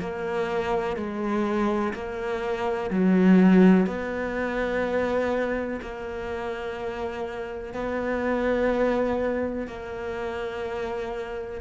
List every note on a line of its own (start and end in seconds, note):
0.00 0.97 A#3
0.97 1.94 G#3
1.94 2.91 A#3
2.91 3.87 F#3
3.87 5.80 B3
5.82 7.74 A#3
7.74 9.68 B3
9.68 11.61 A#3